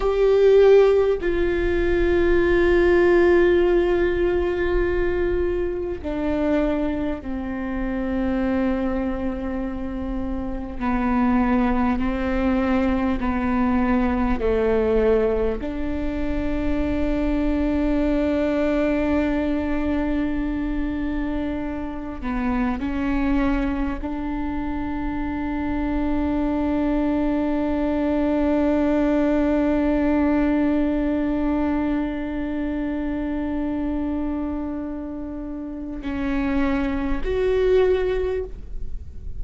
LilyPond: \new Staff \with { instrumentName = "viola" } { \time 4/4 \tempo 4 = 50 g'4 f'2.~ | f'4 d'4 c'2~ | c'4 b4 c'4 b4 | a4 d'2.~ |
d'2~ d'8 b8 cis'4 | d'1~ | d'1~ | d'2 cis'4 fis'4 | }